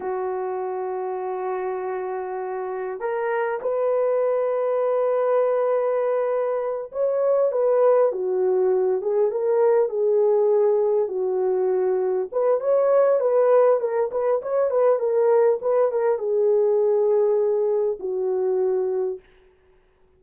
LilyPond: \new Staff \with { instrumentName = "horn" } { \time 4/4 \tempo 4 = 100 fis'1~ | fis'4 ais'4 b'2~ | b'2.~ b'8 cis''8~ | cis''8 b'4 fis'4. gis'8 ais'8~ |
ais'8 gis'2 fis'4.~ | fis'8 b'8 cis''4 b'4 ais'8 b'8 | cis''8 b'8 ais'4 b'8 ais'8 gis'4~ | gis'2 fis'2 | }